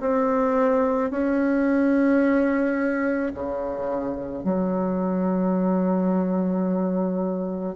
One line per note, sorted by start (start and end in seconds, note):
0.00 1.10 C4
1.10 3.32 C#4
3.34 4.43 C#3
4.43 7.75 F#3